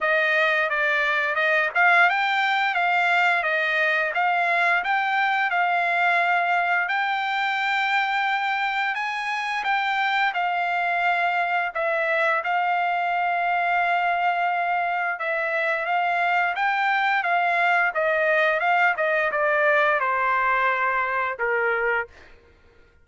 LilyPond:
\new Staff \with { instrumentName = "trumpet" } { \time 4/4 \tempo 4 = 87 dis''4 d''4 dis''8 f''8 g''4 | f''4 dis''4 f''4 g''4 | f''2 g''2~ | g''4 gis''4 g''4 f''4~ |
f''4 e''4 f''2~ | f''2 e''4 f''4 | g''4 f''4 dis''4 f''8 dis''8 | d''4 c''2 ais'4 | }